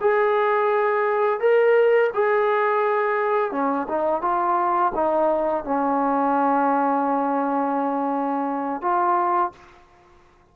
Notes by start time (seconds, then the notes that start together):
0.00 G#4
1.40 A#4
2.14 G#4
3.51 C#4
3.88 D#4
4.22 F4
4.94 D#4
5.64 C#4
8.81 F4